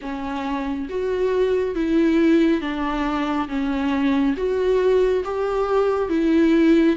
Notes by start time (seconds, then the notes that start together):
0.01 C#4
0.89 F#4
1.75 E4
2.61 D4
3.48 C#4
4.36 F#4
5.24 G4
6.09 E4